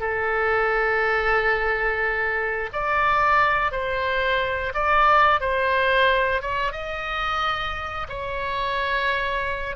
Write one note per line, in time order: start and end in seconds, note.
0.00 2.70 A4
2.73 3.71 D5
3.71 4.73 C5
4.74 5.40 D5
5.40 6.41 C5
6.42 6.72 C#5
6.72 8.07 D#5
8.09 9.76 C#5